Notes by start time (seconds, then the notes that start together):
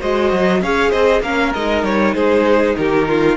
0.00 G#3 F#4 C5 D#5
0.33 F#3
0.61 C#4 G#4 C#5 F5
0.91 C4 C5 D#5
1.21 A#3 C#4 A#4 F5
1.54 G#3 D#4 D#5
1.84 G3 C#5
2.15 G#3 G#4 C5
2.77 D#3 G4 A#4
3.08 F4